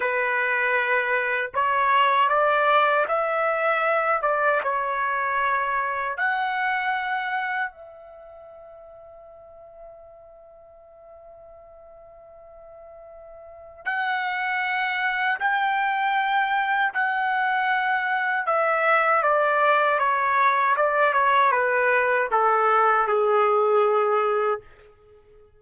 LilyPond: \new Staff \with { instrumentName = "trumpet" } { \time 4/4 \tempo 4 = 78 b'2 cis''4 d''4 | e''4. d''8 cis''2 | fis''2 e''2~ | e''1~ |
e''2 fis''2 | g''2 fis''2 | e''4 d''4 cis''4 d''8 cis''8 | b'4 a'4 gis'2 | }